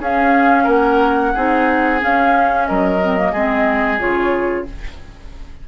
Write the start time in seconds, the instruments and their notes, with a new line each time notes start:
0.00 bassoon C#4, clarinet C#4, oboe G#4, flute F5
0.64 bassoon A#3, oboe A#4, flute F#5
1.35 bassoon C4, clarinet D#4, oboe G#4
2.00 clarinet C#4, bassoon C#4, flute F5
2.67 bassoon F#3, oboe A#4, flute D#5
3.01 clarinet C4
3.18 clarinet A#3
3.32 bassoon G#3, clarinet C4, oboe G#4
3.99 bassoon C#3, clarinet F4, flute C#5